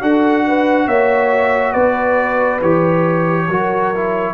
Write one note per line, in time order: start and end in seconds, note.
0.00 0.87 D4
0.00 2.61 F#4
0.00 0.45 A4
0.00 0.88 F#5
0.47 0.87 B4
0.87 1.74 A#3
0.87 1.72 C#5
0.87 1.72 E5
1.72 2.61 B3
1.72 3.46 B4
1.72 2.59 D5
2.61 3.48 E3
2.61 3.49 G4
2.61 4.34 C#5
3.48 4.34 F#3
3.48 3.94 F#4
3.48 4.34 A#4
3.94 4.34 E4